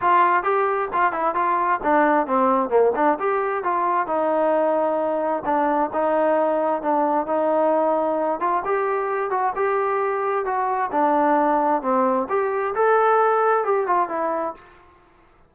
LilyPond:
\new Staff \with { instrumentName = "trombone" } { \time 4/4 \tempo 4 = 132 f'4 g'4 f'8 e'8 f'4 | d'4 c'4 ais8 d'8 g'4 | f'4 dis'2. | d'4 dis'2 d'4 |
dis'2~ dis'8 f'8 g'4~ | g'8 fis'8 g'2 fis'4 | d'2 c'4 g'4 | a'2 g'8 f'8 e'4 | }